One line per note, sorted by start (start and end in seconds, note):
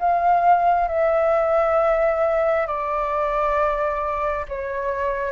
0.00 0.89 F5
0.89 2.67 E5
2.67 4.46 D5
4.49 5.32 C#5